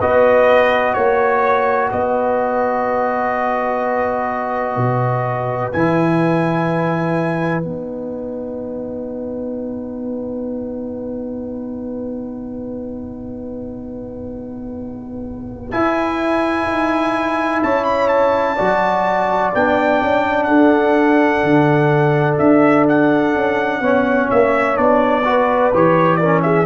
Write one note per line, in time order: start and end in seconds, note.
0.00 0.96 B3
0.00 5.73 F#4
0.00 0.95 B4
0.00 0.94 D#5
0.94 1.92 A#3
0.94 1.89 C#5
0.94 1.90 C#5
1.92 4.77 B3
1.92 17.63 B4
1.92 5.73 D#5
4.77 5.72 B2
5.73 7.65 E3
5.73 7.63 E4
5.73 7.63 G#5
7.63 15.73 B3
7.63 15.72 D#4
7.63 15.72 F#5
15.72 18.58 E4
15.72 16.67 E4
15.72 17.62 G#5
16.67 17.63 D#4
17.63 18.60 C#4
17.63 18.56 C#5
17.63 17.85 A5
17.85 18.09 B5
18.09 19.51 A5
18.56 19.55 F#3
18.56 19.53 F#4
18.56 20.47 D5
19.55 20.02 B3
19.55 23.84 D4
19.55 20.44 G5
20.03 20.49 C#4
20.44 21.44 D4
20.44 23.81 A4
20.44 22.35 F#5
21.44 22.39 D3
22.39 23.36 D4
22.39 22.86 E5
22.89 24.31 F#5
23.36 23.81 C#4
23.81 24.28 B3
23.81 24.76 C#4
23.81 25.24 C#5
24.31 24.78 A#3
24.31 24.77 E5
24.76 25.73 B3
24.76 25.23 D4
24.76 25.73 D5
25.25 25.72 F#4
25.25 26.20 B4
25.74 26.67 E3
25.74 26.22 G4
25.74 26.16 C#5
26.16 26.67 C#4
26.16 26.44 A#4
26.16 26.40 D5
26.43 26.67 G#4
26.43 26.67 E5